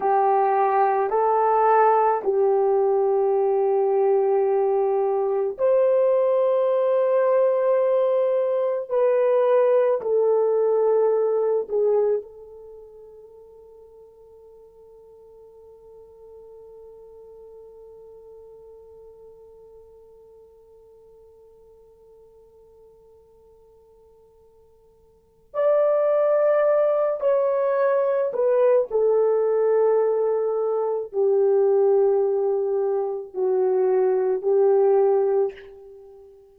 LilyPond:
\new Staff \with { instrumentName = "horn" } { \time 4/4 \tempo 4 = 54 g'4 a'4 g'2~ | g'4 c''2. | b'4 a'4. gis'8 a'4~ | a'1~ |
a'1~ | a'2. d''4~ | d''8 cis''4 b'8 a'2 | g'2 fis'4 g'4 | }